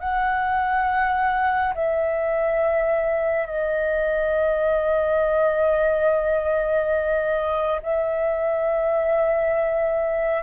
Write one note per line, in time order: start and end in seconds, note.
0.00 1.74 F#5
1.75 3.46 E5
3.46 7.81 D#5
7.83 10.43 E5